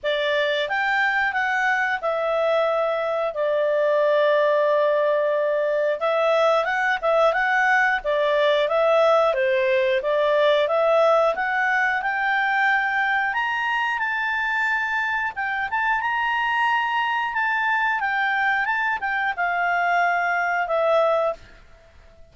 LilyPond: \new Staff \with { instrumentName = "clarinet" } { \time 4/4 \tempo 4 = 90 d''4 g''4 fis''4 e''4~ | e''4 d''2.~ | d''4 e''4 fis''8 e''8 fis''4 | d''4 e''4 c''4 d''4 |
e''4 fis''4 g''2 | ais''4 a''2 g''8 a''8 | ais''2 a''4 g''4 | a''8 g''8 f''2 e''4 | }